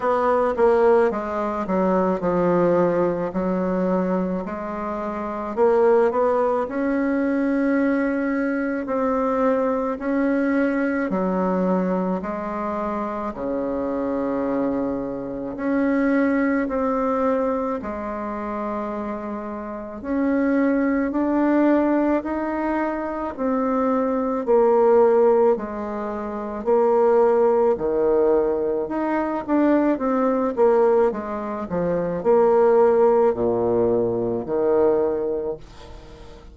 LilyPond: \new Staff \with { instrumentName = "bassoon" } { \time 4/4 \tempo 4 = 54 b8 ais8 gis8 fis8 f4 fis4 | gis4 ais8 b8 cis'2 | c'4 cis'4 fis4 gis4 | cis2 cis'4 c'4 |
gis2 cis'4 d'4 | dis'4 c'4 ais4 gis4 | ais4 dis4 dis'8 d'8 c'8 ais8 | gis8 f8 ais4 ais,4 dis4 | }